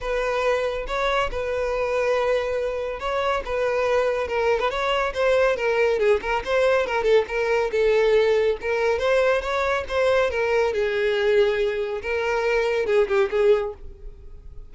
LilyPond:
\new Staff \with { instrumentName = "violin" } { \time 4/4 \tempo 4 = 140 b'2 cis''4 b'4~ | b'2. cis''4 | b'2 ais'8. b'16 cis''4 | c''4 ais'4 gis'8 ais'8 c''4 |
ais'8 a'8 ais'4 a'2 | ais'4 c''4 cis''4 c''4 | ais'4 gis'2. | ais'2 gis'8 g'8 gis'4 | }